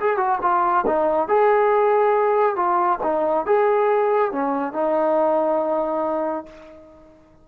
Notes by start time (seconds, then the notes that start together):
0.00 G#4
0.17 F#4
0.42 F4
0.87 D#4
1.28 G#4
2.55 F4
3.03 D#4
3.46 G#4
4.31 C#4
4.73 D#4